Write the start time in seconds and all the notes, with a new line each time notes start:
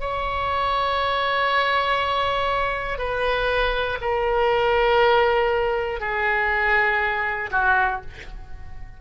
0.00 C#5
2.98 B4
4.01 A#4
6.00 G#4
7.51 F#4